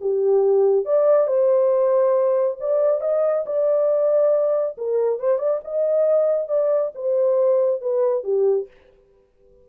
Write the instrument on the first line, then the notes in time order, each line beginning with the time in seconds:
horn
0.00 G4
0.85 D5
1.27 C5
2.60 D5
3.00 D#5
3.46 D5
4.77 A#4
5.19 C5
5.38 D5
5.64 D#5
6.48 D5
6.94 C5
7.81 B4
8.23 G4